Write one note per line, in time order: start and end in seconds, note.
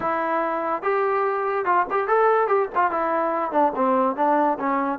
0.00 0.82 E4
0.82 1.65 G4
1.65 1.86 F4
1.90 2.07 G4
2.07 2.47 A4
2.47 2.68 G4
2.75 2.91 F4
2.91 3.51 E4
3.51 3.72 D4
3.75 4.16 C4
4.16 4.57 D4
4.59 4.99 C#4